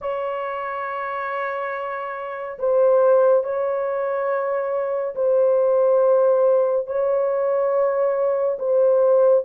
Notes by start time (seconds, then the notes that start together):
0.01 C#5
2.58 C5
3.43 C#5
5.15 C5
6.86 C#5
8.58 C5